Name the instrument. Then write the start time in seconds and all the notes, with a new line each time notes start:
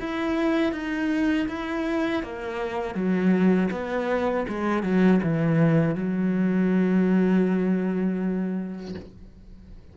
cello
0.00 E4
0.72 D#4
1.48 E4
2.23 A#3
2.95 F#3
3.71 B3
4.48 G#3
4.83 F#3
5.23 E3
5.95 F#3